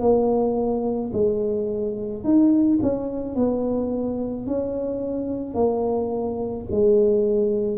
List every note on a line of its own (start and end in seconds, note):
0.00 1.11 A#3
1.13 2.24 G#3
2.24 2.79 D#4
2.82 3.35 C#4
3.35 4.46 B3
4.47 5.55 C#4
5.55 6.66 A#3
6.71 7.78 G#3